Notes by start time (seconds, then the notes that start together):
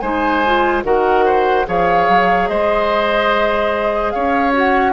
0.00 G#3 D#4 C5 G#5
0.46 F4
0.84 D#3 F#4 A#4 F#5
1.26 C5
1.66 F3 G#4 C#5 F5
2.09 F#3
2.49 G#3 C5 D#5
4.11 C#4 C#5 F5
4.53 F#4 F#5